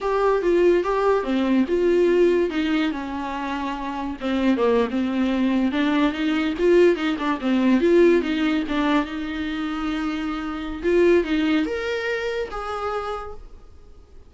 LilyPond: \new Staff \with { instrumentName = "viola" } { \time 4/4 \tempo 4 = 144 g'4 f'4 g'4 c'4 | f'2 dis'4 cis'4~ | cis'2 c'4 ais8. c'16~ | c'4.~ c'16 d'4 dis'4 f'16~ |
f'8. dis'8 d'8 c'4 f'4 dis'16~ | dis'8. d'4 dis'2~ dis'16~ | dis'2 f'4 dis'4 | ais'2 gis'2 | }